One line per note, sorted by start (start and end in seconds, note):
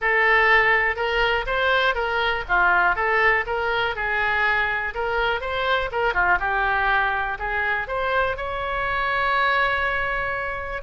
0.01 0.96 A4
0.96 1.45 A#4
1.46 1.94 C5
1.94 2.44 A#4
2.48 2.95 F4
2.95 3.44 A4
3.46 3.95 A#4
3.95 4.94 G#4
4.94 5.41 A#4
5.41 5.90 C5
5.91 6.13 A#4
6.13 6.38 F4
6.39 7.38 G4
7.38 7.87 G#4
7.87 8.36 C5
8.36 10.82 C#5